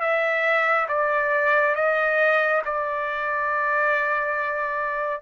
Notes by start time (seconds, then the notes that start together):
0.00 E5
0.88 D5
1.75 D#5
2.65 D5